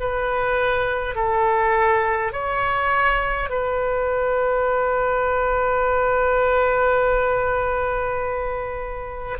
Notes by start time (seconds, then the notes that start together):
0.00 B4
1.16 A4
2.33 C#5
3.50 B4